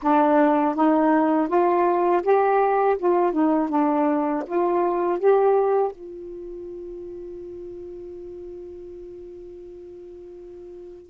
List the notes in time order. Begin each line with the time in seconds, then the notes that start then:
0.02 D4
0.75 D#4
1.47 F4
2.22 G4
2.98 F4
3.32 D#4
3.69 D4
4.45 F4
5.19 G4
5.92 F4